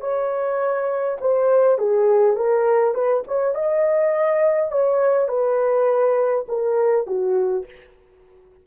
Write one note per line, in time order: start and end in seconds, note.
0.00 1.18 C#5
1.20 1.78 C5
1.78 2.36 G#4
2.36 2.94 A#4
2.94 3.23 B4
3.27 3.54 C#5
3.54 4.71 D#5
4.71 5.28 C#5
5.28 6.46 B4
6.48 7.06 A#4
7.06 7.65 F#4